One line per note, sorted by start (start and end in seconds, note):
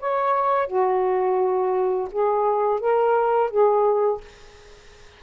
0.00 0.68 C#5
0.68 2.09 F#4
2.12 2.80 G#4
2.80 3.51 A#4
3.51 4.21 G#4